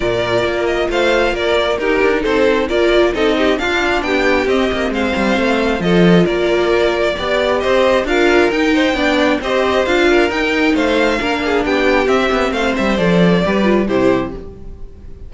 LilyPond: <<
  \new Staff \with { instrumentName = "violin" } { \time 4/4 \tempo 4 = 134 d''4. dis''8 f''4 d''4 | ais'4 c''4 d''4 dis''4 | f''4 g''4 dis''4 f''4~ | f''4 dis''4 d''2~ |
d''4 dis''4 f''4 g''4~ | g''4 dis''4 f''4 g''4 | f''2 g''4 e''4 | f''8 e''8 d''2 c''4 | }
  \new Staff \with { instrumentName = "violin" } { \time 4/4 ais'2 c''4 ais'4 | g'4 a'4 ais'4 a'8 g'8 | f'4 g'2 c''4~ | c''4 a'4 ais'2 |
d''4 c''4 ais'4. c''8 | d''4 c''4. ais'4. | c''4 ais'8 gis'8 g'2 | c''2 b'4 g'4 | }
  \new Staff \with { instrumentName = "viola" } { \time 4/4 f'1 | dis'2 f'4 dis'4 | d'2 c'2~ | c'4 f'2. |
g'2 f'4 dis'4 | d'4 g'4 f'4 dis'4~ | dis'4 d'2 c'4~ | c'4 a'4 g'8 f'8 e'4 | }
  \new Staff \with { instrumentName = "cello" } { \time 4/4 ais,4 ais4 a4 ais4 | dis'8 d'8 c'4 ais4 c'4 | d'4 b4 c'8 ais8 gis8 g8 | a4 f4 ais2 |
b4 c'4 d'4 dis'4 | b4 c'4 d'4 dis'4 | a4 ais4 b4 c'8 b8 | a8 g8 f4 g4 c4 | }
>>